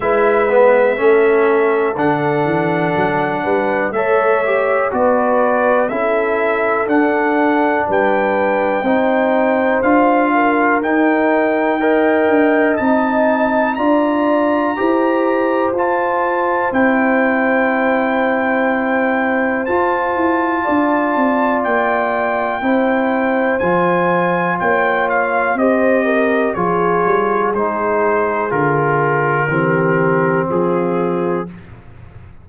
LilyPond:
<<
  \new Staff \with { instrumentName = "trumpet" } { \time 4/4 \tempo 4 = 61 e''2 fis''2 | e''4 d''4 e''4 fis''4 | g''2 f''4 g''4~ | g''4 a''4 ais''2 |
a''4 g''2. | a''2 g''2 | gis''4 g''8 f''8 dis''4 cis''4 | c''4 ais'2 gis'4 | }
  \new Staff \with { instrumentName = "horn" } { \time 4/4 b'4 a'2~ a'8 b'8 | cis''4 b'4 a'2 | b'4 c''4. ais'4. | dis''2 d''4 c''4~ |
c''1~ | c''4 d''2 c''4~ | c''4 cis''4 c''8 ais'8 gis'4~ | gis'2 g'4 f'4 | }
  \new Staff \with { instrumentName = "trombone" } { \time 4/4 e'8 b8 cis'4 d'2 | a'8 g'8 fis'4 e'4 d'4~ | d'4 dis'4 f'4 dis'4 | ais'4 dis'4 f'4 g'4 |
f'4 e'2. | f'2. e'4 | f'2 g'4 f'4 | dis'4 f'4 c'2 | }
  \new Staff \with { instrumentName = "tuba" } { \time 4/4 gis4 a4 d8 e8 fis8 g8 | a4 b4 cis'4 d'4 | g4 c'4 d'4 dis'4~ | dis'8 d'8 c'4 d'4 e'4 |
f'4 c'2. | f'8 e'8 d'8 c'8 ais4 c'4 | f4 ais4 c'4 f8 g8 | gis4 d4 e4 f4 | }
>>